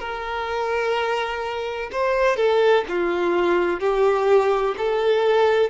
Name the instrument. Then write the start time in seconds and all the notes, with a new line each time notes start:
violin
0.00 A#4
1.92 C5
2.37 A4
2.89 F4
3.80 G4
4.78 A4